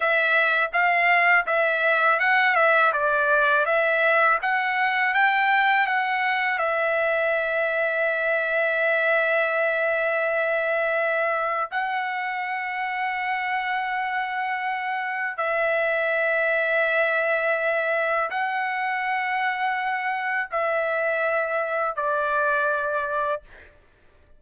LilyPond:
\new Staff \with { instrumentName = "trumpet" } { \time 4/4 \tempo 4 = 82 e''4 f''4 e''4 fis''8 e''8 | d''4 e''4 fis''4 g''4 | fis''4 e''2.~ | e''1 |
fis''1~ | fis''4 e''2.~ | e''4 fis''2. | e''2 d''2 | }